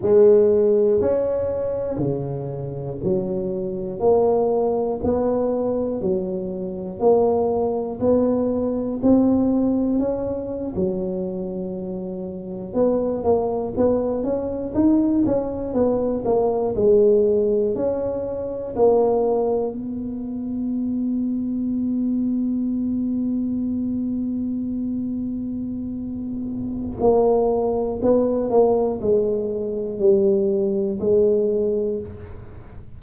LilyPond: \new Staff \with { instrumentName = "tuba" } { \time 4/4 \tempo 4 = 60 gis4 cis'4 cis4 fis4 | ais4 b4 fis4 ais4 | b4 c'4 cis'8. fis4~ fis16~ | fis8. b8 ais8 b8 cis'8 dis'8 cis'8 b16~ |
b16 ais8 gis4 cis'4 ais4 b16~ | b1~ | b2. ais4 | b8 ais8 gis4 g4 gis4 | }